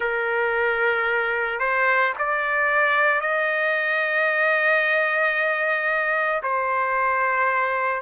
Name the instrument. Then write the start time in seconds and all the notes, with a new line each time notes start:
trumpet
0.00 A#4
1.59 C5
2.18 D5
3.20 D#5
6.42 C5